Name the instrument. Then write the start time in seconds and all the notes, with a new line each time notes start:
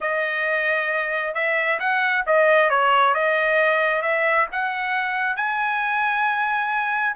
trumpet
0.00 D#5
1.34 E5
1.79 F#5
2.26 D#5
2.69 C#5
3.14 D#5
4.02 E5
4.52 F#5
5.36 G#5